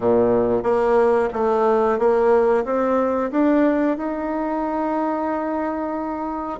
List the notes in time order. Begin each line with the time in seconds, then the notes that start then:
0.00 A#2
0.63 A#3
1.33 A3
1.98 A#3
2.64 C4
3.31 D4
3.97 D#4